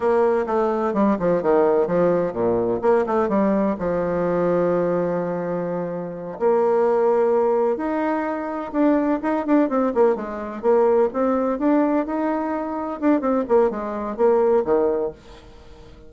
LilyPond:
\new Staff \with { instrumentName = "bassoon" } { \time 4/4 \tempo 4 = 127 ais4 a4 g8 f8 dis4 | f4 ais,4 ais8 a8 g4 | f1~ | f4. ais2~ ais8~ |
ais8 dis'2 d'4 dis'8 | d'8 c'8 ais8 gis4 ais4 c'8~ | c'8 d'4 dis'2 d'8 | c'8 ais8 gis4 ais4 dis4 | }